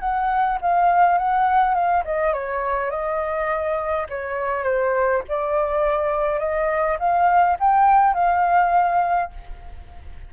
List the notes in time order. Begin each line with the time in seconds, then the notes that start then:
0.00 F#5
0.61 F5
1.18 F#5
1.74 F5
2.04 D#5
2.33 C#5
2.90 D#5
4.09 C#5
4.64 C5
5.28 D5
6.39 D#5
6.99 F5
7.59 G5
8.14 F5